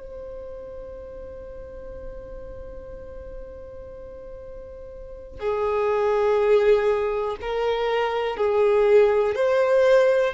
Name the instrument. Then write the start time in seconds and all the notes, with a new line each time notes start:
violin
0.00 C5
5.40 G#4
7.42 A#4
8.37 G#4
9.35 C5